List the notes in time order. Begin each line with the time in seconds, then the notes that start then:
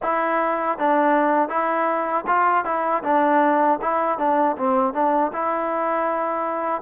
0.02 E4
0.78 D4
1.48 E4
2.26 F4
2.64 E4
3.03 D4
3.81 E4
4.18 D4
4.57 C4
4.93 D4
5.32 E4